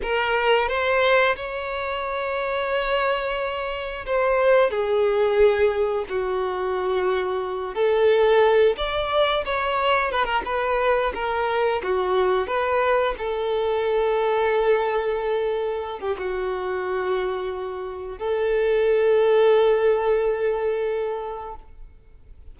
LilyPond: \new Staff \with { instrumentName = "violin" } { \time 4/4 \tempo 4 = 89 ais'4 c''4 cis''2~ | cis''2 c''4 gis'4~ | gis'4 fis'2~ fis'8 a'8~ | a'4 d''4 cis''4 b'16 ais'16 b'8~ |
b'8 ais'4 fis'4 b'4 a'8~ | a'2.~ a'8. g'16 | fis'2. a'4~ | a'1 | }